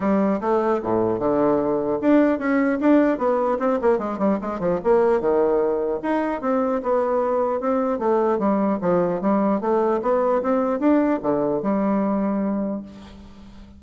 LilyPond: \new Staff \with { instrumentName = "bassoon" } { \time 4/4 \tempo 4 = 150 g4 a4 a,4 d4~ | d4 d'4 cis'4 d'4 | b4 c'8 ais8 gis8 g8 gis8 f8 | ais4 dis2 dis'4 |
c'4 b2 c'4 | a4 g4 f4 g4 | a4 b4 c'4 d'4 | d4 g2. | }